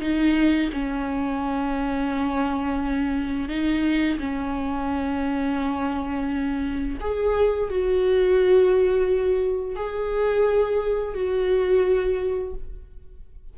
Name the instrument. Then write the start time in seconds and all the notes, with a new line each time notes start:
viola
0.00 D#4
0.73 C#4
3.49 D#4
4.19 C#4
7.00 G#4
7.69 F#4
9.75 G#4
11.14 F#4